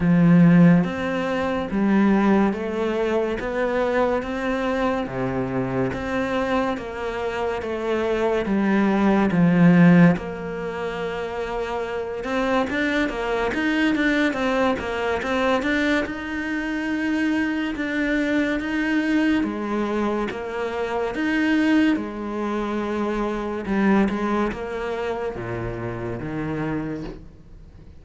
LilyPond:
\new Staff \with { instrumentName = "cello" } { \time 4/4 \tempo 4 = 71 f4 c'4 g4 a4 | b4 c'4 c4 c'4 | ais4 a4 g4 f4 | ais2~ ais8 c'8 d'8 ais8 |
dis'8 d'8 c'8 ais8 c'8 d'8 dis'4~ | dis'4 d'4 dis'4 gis4 | ais4 dis'4 gis2 | g8 gis8 ais4 ais,4 dis4 | }